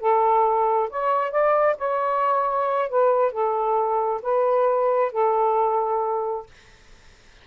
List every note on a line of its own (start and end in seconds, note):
0.00 0.90 A4
0.90 1.31 C#5
1.31 1.76 D5
1.78 2.89 C#5
2.89 3.32 B4
3.32 4.21 A4
4.22 5.12 B4
5.12 6.46 A4